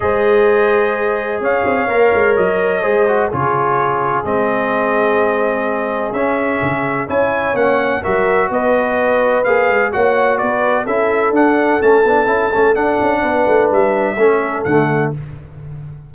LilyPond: <<
  \new Staff \with { instrumentName = "trumpet" } { \time 4/4 \tempo 4 = 127 dis''2. f''4~ | f''4 dis''2 cis''4~ | cis''4 dis''2.~ | dis''4 e''2 gis''4 |
fis''4 e''4 dis''2 | f''4 fis''4 d''4 e''4 | fis''4 a''2 fis''4~ | fis''4 e''2 fis''4 | }
  \new Staff \with { instrumentName = "horn" } { \time 4/4 c''2. cis''4~ | cis''2 c''4 gis'4~ | gis'1~ | gis'2. cis''4~ |
cis''4 ais'4 b'2~ | b'4 cis''4 b'4 a'4~ | a'1 | b'2 a'2 | }
  \new Staff \with { instrumentName = "trombone" } { \time 4/4 gis'1 | ais'2 gis'8 fis'8 f'4~ | f'4 c'2.~ | c'4 cis'2 e'4 |
cis'4 fis'2. | gis'4 fis'2 e'4 | d'4 cis'8 d'8 e'8 cis'8 d'4~ | d'2 cis'4 a4 | }
  \new Staff \with { instrumentName = "tuba" } { \time 4/4 gis2. cis'8 c'8 | ais8 gis8 fis4 gis4 cis4~ | cis4 gis2.~ | gis4 cis'4 cis4 cis'4 |
ais4 fis4 b2 | ais8 gis8 ais4 b4 cis'4 | d'4 a8 b8 cis'8 a8 d'8 cis'8 | b8 a8 g4 a4 d4 | }
>>